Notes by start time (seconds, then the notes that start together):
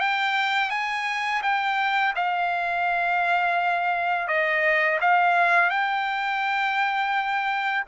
0.00 G5
0.70 G#5
1.42 G5
2.16 F5
4.27 D#5
5.01 F5
5.70 G5